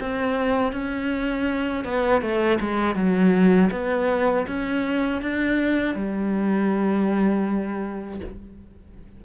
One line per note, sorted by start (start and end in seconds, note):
0.00 0.72 C4
0.72 1.84 C#4
1.84 2.21 B3
2.21 2.59 A3
2.60 2.95 G#3
2.95 3.70 F#3
3.71 4.46 B3
4.47 5.22 C#4
5.22 5.95 D4
5.95 8.20 G3